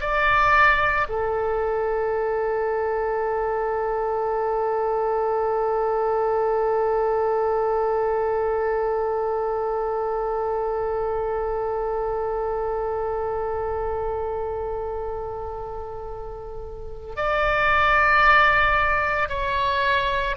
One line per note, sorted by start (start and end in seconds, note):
0.00 1.07 D5
1.09 17.16 A4
17.16 19.29 D5
19.29 20.36 C#5